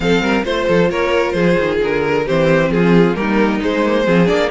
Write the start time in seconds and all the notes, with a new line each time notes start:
0.00 F3 C4 A4 F5
0.20 G3 A#4
0.43 A3 F4 C5
0.67 F3 A4
0.90 A#3 A#4 C#5
1.31 F3 G#4 C5
1.58 D#3
1.82 D3 A#4
2.25 E3 C4 G4 C5
2.69 F3 F4 G#4
3.15 G3 A#3 D#4 A#4
3.61 G#3 C5
3.84 A#3
4.05 F3 C4 G#4
4.26 A#3 D4 D5